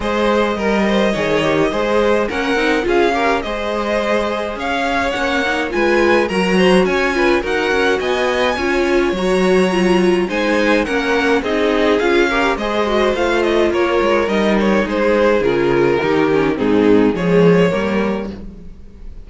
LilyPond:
<<
  \new Staff \with { instrumentName = "violin" } { \time 4/4 \tempo 4 = 105 dis''1 | fis''4 f''4 dis''2 | f''4 fis''4 gis''4 ais''4 | gis''4 fis''4 gis''2 |
ais''2 gis''4 fis''4 | dis''4 f''4 dis''4 f''8 dis''8 | cis''4 dis''8 cis''8 c''4 ais'4~ | ais'4 gis'4 cis''2 | }
  \new Staff \with { instrumentName = "violin" } { \time 4/4 c''4 ais'8 c''8 cis''4 c''4 | ais'4 gis'8 ais'8 c''2 | cis''2 b'4 ais'8 c''8 | cis''8 b'8 ais'4 dis''4 cis''4~ |
cis''2 c''4 ais'4 | gis'4. ais'8 c''2 | ais'2 gis'2 | g'4 dis'4 gis'4 ais'4 | }
  \new Staff \with { instrumentName = "viola" } { \time 4/4 gis'4 ais'4 gis'8 g'8 gis'4 | cis'8 dis'8 f'8 g'8 gis'2~ | gis'4 cis'8 dis'8 f'4 fis'4~ | fis'8 f'8 fis'2 f'4 |
fis'4 f'4 dis'4 cis'4 | dis'4 f'8 g'8 gis'8 fis'8 f'4~ | f'4 dis'2 f'4 | dis'8 cis'8 c'4 gis4 ais4 | }
  \new Staff \with { instrumentName = "cello" } { \time 4/4 gis4 g4 dis4 gis4 | ais8 c'8 cis'4 gis2 | cis'4 ais4 gis4 fis4 | cis'4 dis'8 cis'8 b4 cis'4 |
fis2 gis4 ais4 | c'4 cis'4 gis4 a4 | ais8 gis8 g4 gis4 cis4 | dis4 gis,4 f4 g4 | }
>>